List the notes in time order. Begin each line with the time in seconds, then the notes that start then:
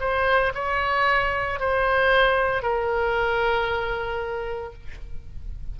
0.00 C5
0.54 C#5
1.59 C5
2.62 A#4